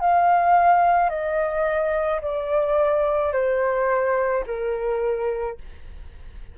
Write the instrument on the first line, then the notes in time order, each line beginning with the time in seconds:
flute
0.00 F5
1.10 D#5
2.22 D5
3.33 C5
4.46 A#4